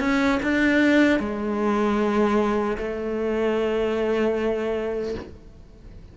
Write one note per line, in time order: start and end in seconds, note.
0.00 0.39 C#4
0.43 1.20 D4
1.20 2.78 G#3
2.78 5.15 A3